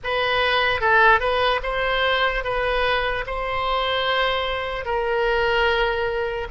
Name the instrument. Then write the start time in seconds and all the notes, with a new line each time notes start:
oboe
0.03 B4
0.80 A4
1.19 B4
1.63 C5
2.43 B4
3.26 C5
4.85 A#4